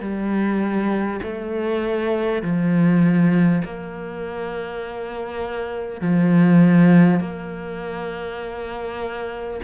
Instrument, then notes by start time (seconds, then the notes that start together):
cello
0.00 G3
1.22 A3
2.42 F3
3.64 A#3
6.01 F3
7.20 A#3